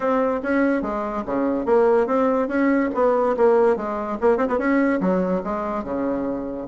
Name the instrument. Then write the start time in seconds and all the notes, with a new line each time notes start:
bassoon
0.00 C4
0.42 C#4
0.82 G#3
1.26 C#3
1.65 A#3
2.06 C4
2.48 C#4
2.94 B3
3.36 A#3
3.76 G#3
4.20 A#3
4.37 C4
4.48 B3
4.58 C#4
5.00 F#3
5.43 G#3
5.83 C#3